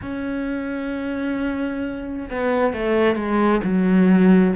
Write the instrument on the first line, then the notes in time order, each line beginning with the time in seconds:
cello
0.02 C#4
2.30 B3
2.73 A3
3.15 G#3
3.63 F#3